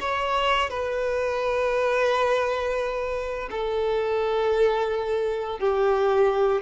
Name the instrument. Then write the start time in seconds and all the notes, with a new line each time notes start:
violin
0.00 C#5
0.69 B4
3.50 A4
5.59 G4